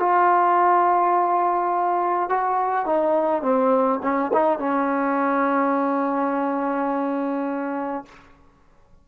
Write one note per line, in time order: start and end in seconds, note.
0.00 2.30 F4
2.30 2.86 F#4
2.86 3.42 D#4
3.42 4.00 C4
4.03 4.32 C#4
4.34 4.59 D#4
4.59 8.06 C#4